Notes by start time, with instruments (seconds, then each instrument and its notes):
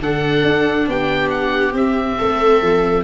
0.00 tuba D3, viola D4 A4, oboe F#5
0.44 tuba D4
0.88 tuba B3, viola G4, oboe G5
1.30 oboe F#5
1.73 tuba C4, viola C4, oboe E5
2.19 tuba A3, viola A4
2.62 tuba F3